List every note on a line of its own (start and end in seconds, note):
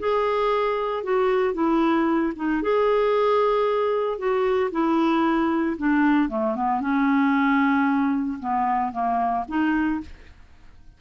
0.00 1.04 G#4
1.04 1.54 F#4
1.54 2.33 E4
2.36 2.63 D#4
2.63 4.18 G#4
4.18 4.71 F#4
4.72 5.77 E4
5.78 6.30 D4
6.30 6.56 A3
6.56 6.81 B3
6.81 8.39 C#4
8.40 8.93 B3
8.93 9.45 A#3
9.49 10.01 D#4